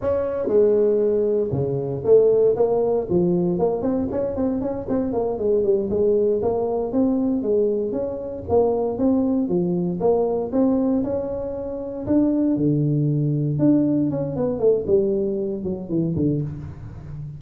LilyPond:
\new Staff \with { instrumentName = "tuba" } { \time 4/4 \tempo 4 = 117 cis'4 gis2 cis4 | a4 ais4 f4 ais8 c'8 | cis'8 c'8 cis'8 c'8 ais8 gis8 g8 gis8~ | gis8 ais4 c'4 gis4 cis'8~ |
cis'8 ais4 c'4 f4 ais8~ | ais8 c'4 cis'2 d'8~ | d'8 d2 d'4 cis'8 | b8 a8 g4. fis8 e8 d8 | }